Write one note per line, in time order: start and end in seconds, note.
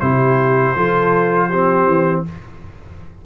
0.00 0.75 C3
0.00 0.76 E4
0.00 0.77 G4
0.00 2.22 C5
0.76 1.86 F3
0.76 1.51 F4
0.76 1.49 A4
1.49 2.25 C4
1.49 2.23 G4
1.86 2.23 E3